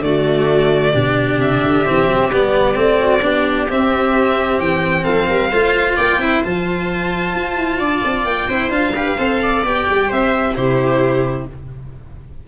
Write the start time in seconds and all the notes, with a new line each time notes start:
0.00 D3 A3 F#4 D5
0.92 B2 D4 G4
1.39 C3 E5
1.63 D3
1.85 E3 C4
2.08 F#3
2.31 G3 B3 D5
2.75 A3 C4
3.00 F#4
3.22 B3 D4 G4
3.69 C4 E5
4.59 E3 G5
5.04 F3 A4 F5
5.29 G3 A#4
5.51 A3 F4 C5
5.97 A#3 D5 G5
6.18 C4 E4 C5
6.44 F3 F4 A5
7.35 F4
7.57 E4
7.79 D4 D5
8.05 C4
8.25 A#3 G5
8.48 C4 E4 C5
8.70 D4 F4 F5
8.96 G4 B4
9.18 C4 A4 C5
9.43 D5
9.65 B3 G4 G5
9.90 G3
10.09 C4 C5 E5
10.55 C3 E4 G4 C5